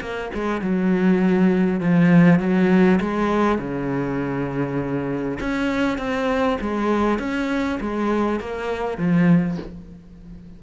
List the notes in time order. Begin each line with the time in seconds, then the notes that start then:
0.00 A#3
0.34 G#3
0.61 F#3
1.80 F3
2.39 F#3
3.00 G#3
3.58 C#3
5.39 C#4
5.98 C4
6.60 G#3
7.18 C#4
7.80 G#3
8.39 A#3
8.97 F3